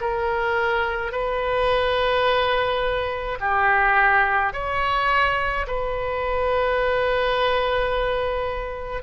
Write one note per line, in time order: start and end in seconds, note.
0.00 1.11 A#4
1.11 3.38 B4
3.40 4.53 G4
4.53 5.66 C#5
5.67 9.02 B4